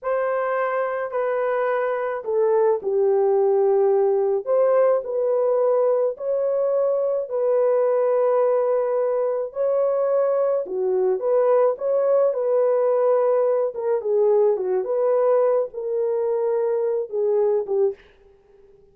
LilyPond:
\new Staff \with { instrumentName = "horn" } { \time 4/4 \tempo 4 = 107 c''2 b'2 | a'4 g'2. | c''4 b'2 cis''4~ | cis''4 b'2.~ |
b'4 cis''2 fis'4 | b'4 cis''4 b'2~ | b'8 ais'8 gis'4 fis'8 b'4. | ais'2~ ais'8 gis'4 g'8 | }